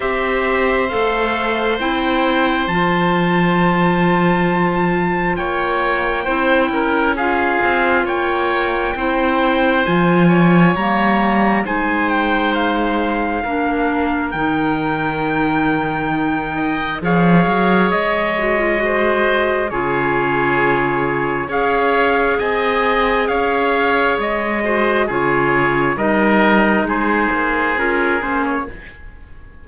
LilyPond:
<<
  \new Staff \with { instrumentName = "trumpet" } { \time 4/4 \tempo 4 = 67 e''4 f''4 g''4 a''4~ | a''2 g''2 | f''4 g''2 gis''4 | ais''4 gis''8 g''8 f''2 |
g''2. f''4 | dis''2 cis''2 | f''4 gis''4 f''4 dis''4 | cis''4 dis''4 c''4 ais'8 c''16 cis''16 | }
  \new Staff \with { instrumentName = "oboe" } { \time 4/4 c''1~ | c''2 cis''4 c''8 ais'8 | gis'4 cis''4 c''4. cis''8~ | cis''4 c''2 ais'4~ |
ais'2~ ais'8 dis''8 cis''4~ | cis''4 c''4 gis'2 | cis''4 dis''4 cis''4. c''8 | gis'4 ais'4 gis'2 | }
  \new Staff \with { instrumentName = "clarinet" } { \time 4/4 g'4 a'4 e'4 f'4~ | f'2. e'4 | f'2 e'4 f'4 | ais4 dis'2 d'4 |
dis'2. gis'4~ | gis'8 fis'16 f'16 fis'4 f'2 | gis'2.~ gis'8 fis'8 | f'4 dis'2 f'8 cis'8 | }
  \new Staff \with { instrumentName = "cello" } { \time 4/4 c'4 a4 c'4 f4~ | f2 ais4 c'8 cis'8~ | cis'8 c'8 ais4 c'4 f4 | g4 gis2 ais4 |
dis2. f8 fis8 | gis2 cis2 | cis'4 c'4 cis'4 gis4 | cis4 g4 gis8 ais8 cis'8 ais8 | }
>>